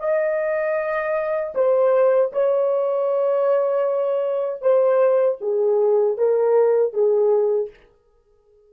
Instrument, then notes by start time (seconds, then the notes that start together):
horn
0.00 D#5
1.55 C5
2.33 C#5
4.62 C5
5.41 G#4
6.18 A#4
6.93 G#4